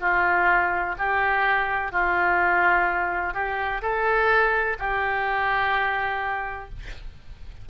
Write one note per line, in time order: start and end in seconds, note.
0.00 0.95 F4
0.98 1.91 G4
1.91 3.33 F4
3.33 3.81 G4
3.81 4.77 A4
4.79 6.69 G4